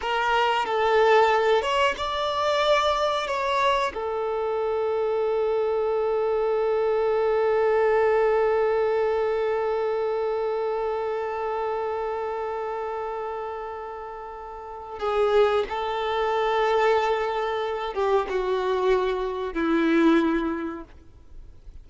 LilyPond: \new Staff \with { instrumentName = "violin" } { \time 4/4 \tempo 4 = 92 ais'4 a'4. cis''8 d''4~ | d''4 cis''4 a'2~ | a'1~ | a'1~ |
a'1~ | a'2. gis'4 | a'2.~ a'8 g'8 | fis'2 e'2 | }